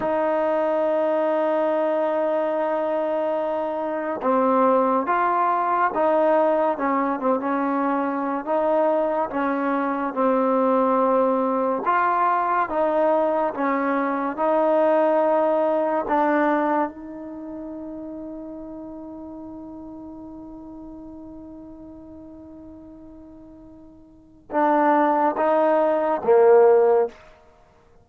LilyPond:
\new Staff \with { instrumentName = "trombone" } { \time 4/4 \tempo 4 = 71 dis'1~ | dis'4 c'4 f'4 dis'4 | cis'8 c'16 cis'4~ cis'16 dis'4 cis'4 | c'2 f'4 dis'4 |
cis'4 dis'2 d'4 | dis'1~ | dis'1~ | dis'4 d'4 dis'4 ais4 | }